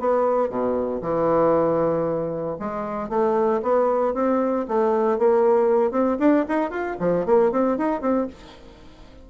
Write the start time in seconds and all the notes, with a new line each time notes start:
0.00 B3
0.50 B2
1.02 E3
2.59 G#3
3.10 A3
3.63 B3
4.14 C4
4.68 A3
5.19 A#3
5.92 C4
6.20 D4
6.48 D#4
6.71 F4
7.00 F3
7.26 A#3
7.52 C4
7.78 D#4
8.02 C4